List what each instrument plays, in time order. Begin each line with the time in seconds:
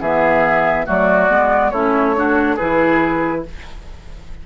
0.00 bassoon E3, clarinet B3, oboe G#4, flute E5
0.85 bassoon F#3, clarinet A3, oboe F#4, flute D5
1.29 bassoon G#3, clarinet B3
1.71 bassoon A3, clarinet C#4, oboe E4, flute C#5
2.16 clarinet D4, oboe F#4
2.56 bassoon E3, clarinet E4, oboe G#4, flute B4